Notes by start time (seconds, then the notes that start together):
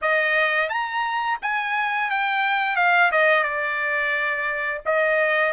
0.01 D#5
0.69 A#5
1.42 G#5
2.10 G5
2.76 F5
3.11 D#5
3.43 D5
4.85 D#5